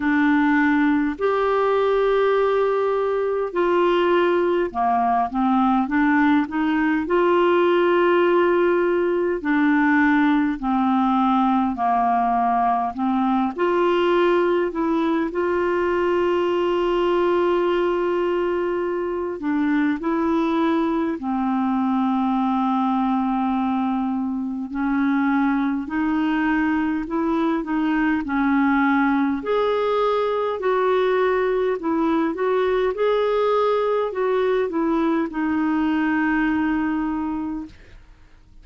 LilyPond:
\new Staff \with { instrumentName = "clarinet" } { \time 4/4 \tempo 4 = 51 d'4 g'2 f'4 | ais8 c'8 d'8 dis'8 f'2 | d'4 c'4 ais4 c'8 f'8~ | f'8 e'8 f'2.~ |
f'8 d'8 e'4 c'2~ | c'4 cis'4 dis'4 e'8 dis'8 | cis'4 gis'4 fis'4 e'8 fis'8 | gis'4 fis'8 e'8 dis'2 | }